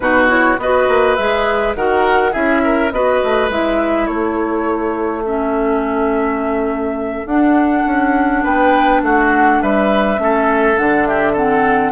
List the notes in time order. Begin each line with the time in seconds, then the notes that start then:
0.00 B2 D#4 F#4 B4
0.28 E4 C#5
0.58 B3 F#4 B4 D#5
0.88 A#3
1.15 G#3 G#4 E5
1.75 D#3 F#4 A#4 F#5
2.31 C#4 E4 G#4 E5
2.63 A#4
2.91 B3 F#4 B4 D#5
3.23 A3
3.49 G#3 E4 E5
4.06 A3 A4 C#5
5.25 C#4 E5
7.25 D4 F#5
7.85 C#4
8.43 B3 B4 G5
9.02 A3 F#4 F#5
9.61 G3 B4 E5
10.17 A3 C#4 A4
10.77 D3 D4 F#5
11.06 G4 E5
11.32 C4 A4 F#5